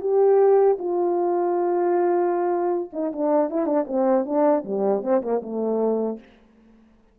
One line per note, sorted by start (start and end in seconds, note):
0.00 0.77 G4
0.78 2.90 F4
2.93 3.12 D#4
3.12 3.50 D4
3.50 3.66 E4
3.66 3.85 D4
3.87 4.25 C4
4.25 4.63 D4
4.64 5.02 G3
5.02 5.21 C4
5.21 5.41 A#3
5.42 6.19 A3